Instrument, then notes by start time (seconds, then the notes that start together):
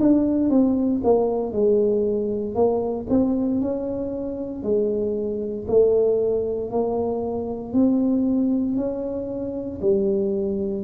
tuba
0.00 D4
0.49 C4
1.03 A#3
1.52 G#3
2.55 A#3
3.09 C4
3.61 C#4
4.63 G#3
5.68 A3
6.70 A#3
7.73 C4
8.76 C#4
9.81 G3